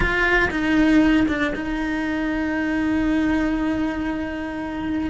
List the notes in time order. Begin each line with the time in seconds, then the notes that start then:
0.00 F4
0.50 D#4
1.28 D4
1.55 D#4